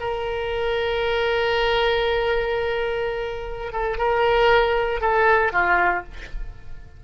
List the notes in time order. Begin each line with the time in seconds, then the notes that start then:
0.00 A#4
3.72 A4
3.98 A#4
5.01 A4
5.52 F4